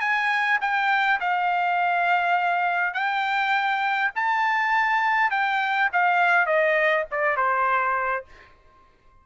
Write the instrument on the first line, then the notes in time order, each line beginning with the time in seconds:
trumpet
0.00 G#5
0.61 G5
1.20 F5
2.93 G5
4.15 A5
5.30 G5
5.92 F5
6.46 D#5
7.10 D5
7.36 C5